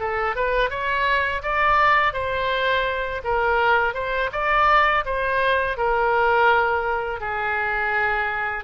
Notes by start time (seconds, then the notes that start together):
0.00 A4
0.36 B4
0.70 C#5
1.43 D5
2.13 C5
3.24 A#4
3.94 C5
4.32 D5
5.05 C5
5.77 A#4
7.21 G#4